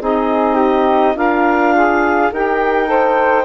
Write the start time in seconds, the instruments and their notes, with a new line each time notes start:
0.00 bassoon C4, saxophone D#4, flute G#4, clarinet D#5
0.56 flute G4
1.15 bassoon D4, flute F4, saxophone A#4, clarinet F5
1.74 saxophone G#4
2.31 bassoon D#4, saxophone G4, flute A#4, clarinet G5
2.86 saxophone A4, flute C5